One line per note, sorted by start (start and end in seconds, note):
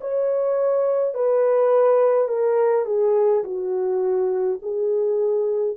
0.00 1.14 C#5
1.14 2.28 B4
2.28 2.85 A#4
2.85 3.43 G#4
3.44 4.59 F#4
4.62 5.77 G#4